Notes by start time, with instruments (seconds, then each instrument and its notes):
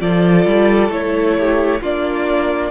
0.00 cello F3, viola F4, violin A4 D5
0.46 cello G3
0.89 cello A3, viola E4, violin C#5
1.38 violin G4
1.81 cello A#3, viola D4, violin F4 D5